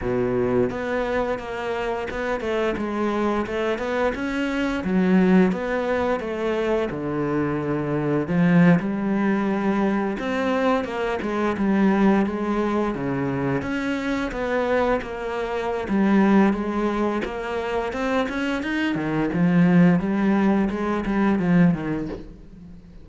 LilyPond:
\new Staff \with { instrumentName = "cello" } { \time 4/4 \tempo 4 = 87 b,4 b4 ais4 b8 a8 | gis4 a8 b8 cis'4 fis4 | b4 a4 d2 | f8. g2 c'4 ais16~ |
ais16 gis8 g4 gis4 cis4 cis'16~ | cis'8. b4 ais4~ ais16 g4 | gis4 ais4 c'8 cis'8 dis'8 dis8 | f4 g4 gis8 g8 f8 dis8 | }